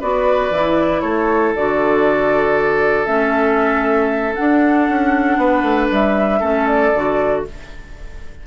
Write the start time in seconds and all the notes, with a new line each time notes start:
0.00 B3 F#4 B4 D5
0.51 E3 E4
1.01 A3 A4 C#5
1.56 D3 F#4 D5
3.05 A3 C#4 E5
4.35 D4 F#5
4.89 C#4
5.37 B3 B4
5.63 A3
5.91 G3 E5
6.40 A3 C#4 A4
6.68 D5
6.94 D3 F#4